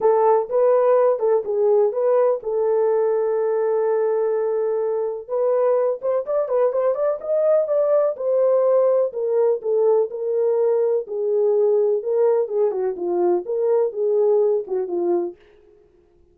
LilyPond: \new Staff \with { instrumentName = "horn" } { \time 4/4 \tempo 4 = 125 a'4 b'4. a'8 gis'4 | b'4 a'2.~ | a'2. b'4~ | b'8 c''8 d''8 b'8 c''8 d''8 dis''4 |
d''4 c''2 ais'4 | a'4 ais'2 gis'4~ | gis'4 ais'4 gis'8 fis'8 f'4 | ais'4 gis'4. fis'8 f'4 | }